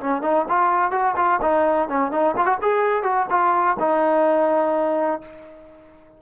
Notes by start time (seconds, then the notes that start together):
0.00 C#4
0.22 D#4
0.49 F4
0.91 F#4
1.16 F4
1.42 D#4
1.89 C#4
2.11 D#4
2.36 F4
2.46 F#4
2.62 G#4
3.03 F#4
3.30 F4
3.80 D#4